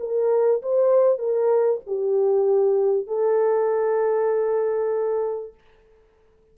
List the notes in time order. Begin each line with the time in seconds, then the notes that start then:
0.00 A#4
0.62 C5
1.19 A#4
1.87 G4
3.07 A4